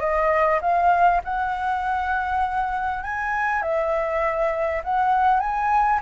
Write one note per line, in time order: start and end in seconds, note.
0.00 0.60 D#5
0.62 1.22 F5
1.25 3.04 F#5
3.04 3.62 G#5
3.62 4.82 E5
4.84 5.40 F#5
5.40 6.00 G#5